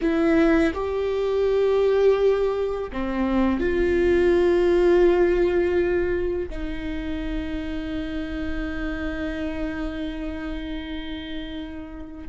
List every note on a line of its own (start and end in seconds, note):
0.01 0.73 E4
0.74 2.90 G4
2.92 3.59 C4
3.59 6.49 F4
6.49 12.28 D#4